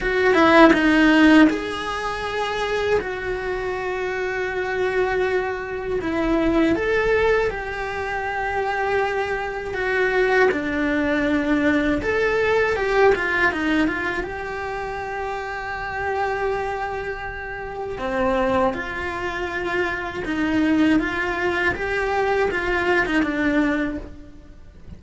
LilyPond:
\new Staff \with { instrumentName = "cello" } { \time 4/4 \tempo 4 = 80 fis'8 e'8 dis'4 gis'2 | fis'1 | e'4 a'4 g'2~ | g'4 fis'4 d'2 |
a'4 g'8 f'8 dis'8 f'8 g'4~ | g'1 | c'4 f'2 dis'4 | f'4 g'4 f'8. dis'16 d'4 | }